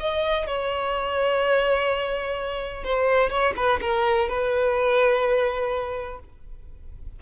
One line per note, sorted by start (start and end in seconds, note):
0.00 0.47 D#5
0.47 2.84 C#5
2.84 3.30 C5
3.30 3.54 C#5
3.57 3.81 B4
3.82 4.29 A#4
4.29 6.20 B4